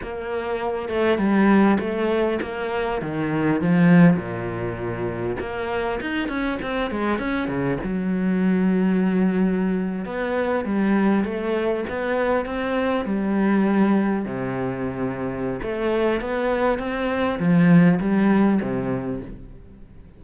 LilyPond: \new Staff \with { instrumentName = "cello" } { \time 4/4 \tempo 4 = 100 ais4. a8 g4 a4 | ais4 dis4 f4 ais,4~ | ais,4 ais4 dis'8 cis'8 c'8 gis8 | cis'8 cis8 fis2.~ |
fis8. b4 g4 a4 b16~ | b8. c'4 g2 c16~ | c2 a4 b4 | c'4 f4 g4 c4 | }